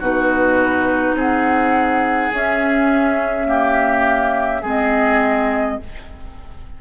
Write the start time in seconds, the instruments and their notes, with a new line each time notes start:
0.00 bassoon B2, clarinet D#4, oboe F#4, flute B4
1.13 bassoon C4, oboe G#4, flute F#5
2.32 bassoon C#4, clarinet C#4, flute E5
3.45 clarinet A#3, oboe G4
4.62 bassoon G#3, clarinet C4, oboe G#4, flute D#5